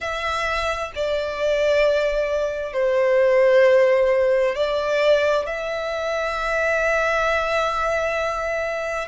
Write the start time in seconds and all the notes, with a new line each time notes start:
0.00 E5
0.95 D5
2.73 C5
4.55 D5
5.46 E5